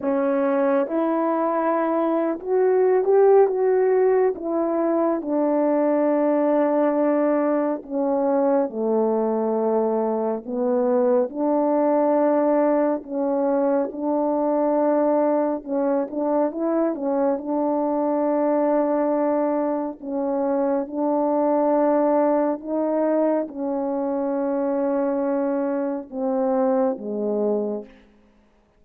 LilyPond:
\new Staff \with { instrumentName = "horn" } { \time 4/4 \tempo 4 = 69 cis'4 e'4.~ e'16 fis'8. g'8 | fis'4 e'4 d'2~ | d'4 cis'4 a2 | b4 d'2 cis'4 |
d'2 cis'8 d'8 e'8 cis'8 | d'2. cis'4 | d'2 dis'4 cis'4~ | cis'2 c'4 gis4 | }